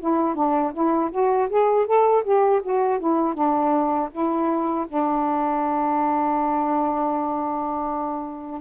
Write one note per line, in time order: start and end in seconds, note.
0.00 0.35 E4
0.35 0.73 D4
0.73 1.11 E4
1.11 1.49 F#4
1.50 1.86 G#4
1.86 2.24 A4
2.24 2.61 G4
2.63 3.00 F#4
3.00 3.34 E4
3.34 4.09 D4
4.11 4.86 E4
4.88 8.61 D4